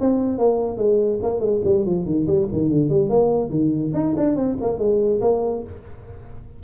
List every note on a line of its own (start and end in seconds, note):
0.00 0.38 C4
0.38 0.77 A#3
0.77 1.19 G#3
1.23 1.40 A#3
1.40 1.61 G#3
1.64 1.85 G3
1.85 2.05 F3
2.05 2.26 D#3
2.27 2.48 G3
2.52 2.69 D#3
2.69 2.89 D3
2.89 3.10 G3
3.10 3.50 A#3
3.50 3.92 D#3
3.94 4.15 D#4
4.17 4.36 D4
4.36 4.57 C4
4.61 4.79 A#3
4.79 5.21 G#3
5.21 5.63 A#3